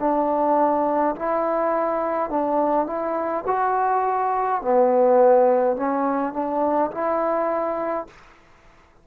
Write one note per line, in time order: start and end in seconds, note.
0.00 1.15 D4
1.16 2.30 E4
2.30 2.87 D4
2.87 3.45 E4
3.47 4.62 F#4
4.62 5.77 B3
5.77 6.34 C#4
6.34 6.91 D4
6.92 8.07 E4